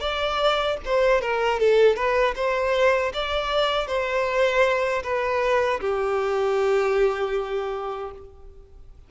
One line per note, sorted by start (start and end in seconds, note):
0.00 0.77 D5
0.85 1.21 C5
1.21 1.59 A#4
1.59 1.95 A4
1.95 2.34 B4
2.35 3.12 C5
3.13 3.87 D5
3.87 5.02 C5
5.03 5.80 B4
5.80 8.11 G4